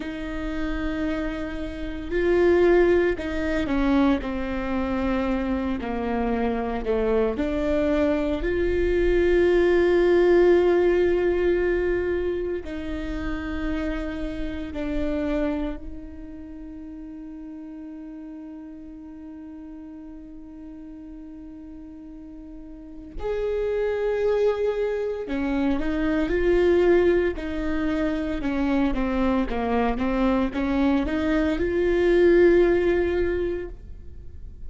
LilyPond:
\new Staff \with { instrumentName = "viola" } { \time 4/4 \tempo 4 = 57 dis'2 f'4 dis'8 cis'8 | c'4. ais4 a8 d'4 | f'1 | dis'2 d'4 dis'4~ |
dis'1~ | dis'2 gis'2 | cis'8 dis'8 f'4 dis'4 cis'8 c'8 | ais8 c'8 cis'8 dis'8 f'2 | }